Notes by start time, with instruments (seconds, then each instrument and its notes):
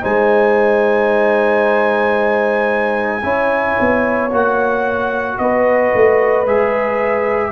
0.00 tuba G#3, trombone D#4, horn C5, trumpet G#5
3.23 tuba C#4, trombone E4, horn C#5
3.80 tuba B3
4.31 tuba A#3, trombone F#4, trumpet F#5
5.38 tuba B3, horn B4, trumpet D#5
5.94 tuba A3
6.46 tuba G#3, trombone G#4, trumpet E5